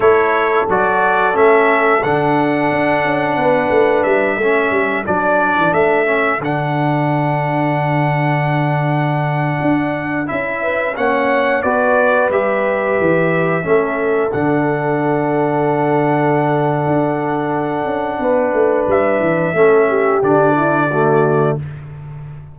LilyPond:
<<
  \new Staff \with { instrumentName = "trumpet" } { \time 4/4 \tempo 4 = 89 cis''4 d''4 e''4 fis''4~ | fis''2 e''4. d''8~ | d''8 e''4 fis''2~ fis''8~ | fis''2.~ fis''16 e''8.~ |
e''16 fis''4 d''4 e''4.~ e''16~ | e''4~ e''16 fis''2~ fis''8.~ | fis''1 | e''2 d''2 | }
  \new Staff \with { instrumentName = "horn" } { \time 4/4 a'1~ | a'4 b'4. a'4.~ | a'1~ | a'2.~ a'8. b'16~ |
b'16 cis''4 b'2~ b'8.~ | b'16 a'2.~ a'8.~ | a'2. b'4~ | b'4 a'8 g'4 e'8 fis'4 | }
  \new Staff \with { instrumentName = "trombone" } { \time 4/4 e'4 fis'4 cis'4 d'4~ | d'2~ d'8 cis'4 d'8~ | d'4 cis'8 d'2~ d'8~ | d'2.~ d'16 e'8.~ |
e'16 cis'4 fis'4 g'4.~ g'16~ | g'16 cis'4 d'2~ d'8.~ | d'1~ | d'4 cis'4 d'4 a4 | }
  \new Staff \with { instrumentName = "tuba" } { \time 4/4 a4 fis4 a4 d4 | d'8 cis'8 b8 a8 g8 a8 g8 fis8~ | fis16 e16 a4 d2~ d8~ | d2~ d16 d'4 cis'8.~ |
cis'16 ais4 b4 g4 e8.~ | e16 a4 d2~ d8.~ | d4 d'4. cis'8 b8 a8 | g8 e8 a4 d2 | }
>>